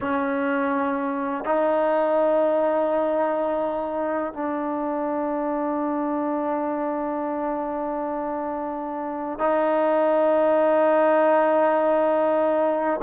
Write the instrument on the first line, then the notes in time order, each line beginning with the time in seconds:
trombone
0.00 C#4
1.45 D#4
4.33 D4
9.38 D#4